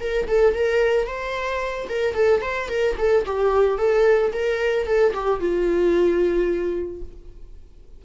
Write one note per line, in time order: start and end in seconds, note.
0.00 0.27 A#4
0.28 0.55 A4
0.55 1.07 A#4
1.07 1.88 C5
1.89 2.14 A#4
2.14 2.42 A4
2.42 2.69 C5
2.69 2.96 A#4
2.98 3.25 A4
3.26 3.78 G4
3.78 4.32 A4
4.33 4.86 A#4
4.86 5.14 A4
5.14 5.40 G4
5.40 7.02 F4